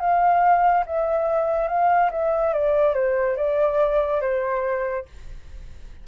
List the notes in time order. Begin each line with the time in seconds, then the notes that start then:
0.00 F5
0.86 E5
1.68 F5
2.11 E5
2.54 D5
2.95 C5
3.37 D5
4.21 C5